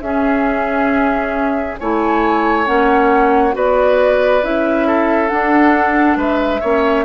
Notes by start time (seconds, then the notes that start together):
0.00 C#4 G#4 E5
1.79 A3 E4 C#5 G#5
2.65 A#3 C#4 F#5
3.52 B3 F#4 B4 D5
4.43 C#4 E4 E5
4.87 A4
5.28 D4 F#5
6.16 G#3 B4 E5
6.60 A#3 C#4 C#5